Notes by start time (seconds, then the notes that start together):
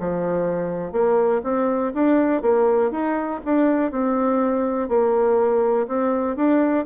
0.00 F3
0.92 A#3
1.44 C4
1.94 D4
2.42 A#3
2.91 D#4
3.45 D4
3.91 C4
4.89 A#3
5.87 C4
6.36 D4